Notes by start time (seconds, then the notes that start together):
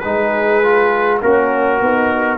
0.00 G#3 D#4 G#4 B4
0.63 F4
1.21 A#3 C#4 F#4 A#4
1.80 B3 D#4